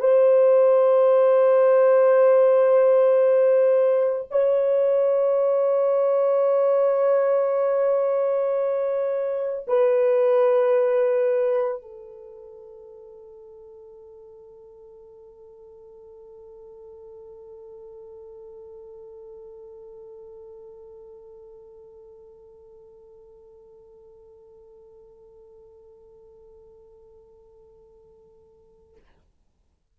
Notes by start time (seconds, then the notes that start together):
0.00 C5
4.31 C#5
9.67 B4
11.81 A4